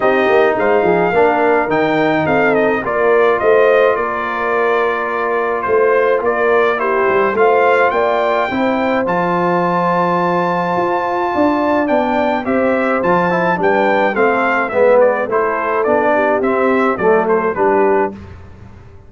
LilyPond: <<
  \new Staff \with { instrumentName = "trumpet" } { \time 4/4 \tempo 4 = 106 dis''4 f''2 g''4 | f''8 dis''8 d''4 dis''4 d''4~ | d''2 c''4 d''4 | c''4 f''4 g''2 |
a''1~ | a''4 g''4 e''4 a''4 | g''4 f''4 e''8 d''8 c''4 | d''4 e''4 d''8 c''8 b'4 | }
  \new Staff \with { instrumentName = "horn" } { \time 4/4 g'4 c''8 gis'8 ais'2 | a'4 ais'4 c''4 ais'4~ | ais'2 c''4 ais'4 | g'4 c''4 d''4 c''4~ |
c''1 | d''2 c''2 | b'4 a'4 b'4 a'4~ | a'8 g'4. a'4 g'4 | }
  \new Staff \with { instrumentName = "trombone" } { \time 4/4 dis'2 d'4 dis'4~ | dis'4 f'2.~ | f'1 | e'4 f'2 e'4 |
f'1~ | f'4 d'4 g'4 f'8 e'8 | d'4 c'4 b4 e'4 | d'4 c'4 a4 d'4 | }
  \new Staff \with { instrumentName = "tuba" } { \time 4/4 c'8 ais8 gis8 f8 ais4 dis4 | c'4 ais4 a4 ais4~ | ais2 a4 ais4~ | ais8 g8 a4 ais4 c'4 |
f2. f'4 | d'4 b4 c'4 f4 | g4 a4 gis4 a4 | b4 c'4 fis4 g4 | }
>>